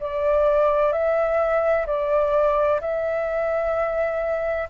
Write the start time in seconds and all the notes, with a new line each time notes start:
0.00 D5
0.92 E5
1.87 D5
2.81 E5